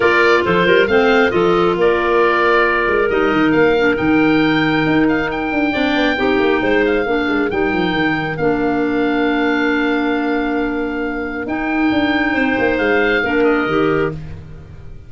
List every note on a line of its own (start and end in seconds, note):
0.00 0.43 A#3
0.00 0.86 F4
0.00 0.41 A#4
0.00 0.44 D5
0.44 0.66 F3
0.44 0.66 A4
0.44 0.87 C5
0.66 0.87 G3
0.66 0.88 A#4
0.87 1.31 A3
0.87 1.29 C4
0.87 1.32 C5
0.87 1.31 F5
1.29 1.76 F3
1.29 3.06 F4
1.29 1.76 A4
1.29 1.75 D#5
1.76 2.86 A#3
1.76 5.72 A#4
1.76 3.09 D5
2.87 3.09 G#3
3.09 3.32 G3
3.09 3.76 D#4
3.09 3.51 D#5
3.32 3.53 D#3
3.51 3.97 A#3
3.51 3.95 F5
3.77 3.95 D4
3.95 4.86 D#3
3.95 5.71 D#4
3.95 5.07 G5
4.86 5.52 D#4
5.08 5.30 F5
5.30 6.85 G5
5.52 5.74 D4
5.72 5.95 C4
5.72 6.16 D4
5.72 6.16 D5
5.95 6.17 B3
6.16 6.38 C4
6.16 7.04 D#4
6.16 6.61 G4
6.38 6.60 A#3
6.62 7.05 G#3
6.62 7.05 C5
6.85 7.50 F5
7.05 7.27 A#3
7.05 7.50 D4
7.05 12.33 A#4
7.28 7.50 G#3
7.50 7.72 G3
7.50 8.38 D#4
7.50 8.37 G5
7.72 7.93 F3
7.93 8.37 D#3
8.37 11.46 A#3
8.37 11.47 D4
8.37 11.46 F5
11.46 11.90 D#4
11.46 13.24 D#4
11.46 12.77 G5
11.91 12.35 D4
12.33 12.57 C4
12.33 13.21 C5
12.58 12.78 A#3
12.77 13.22 G#3
12.77 13.44 F5
13.23 13.66 A#3
13.23 13.68 D4
13.23 14.12 A#4
13.44 14.10 D#5
13.66 14.10 D#3
13.66 14.12 G4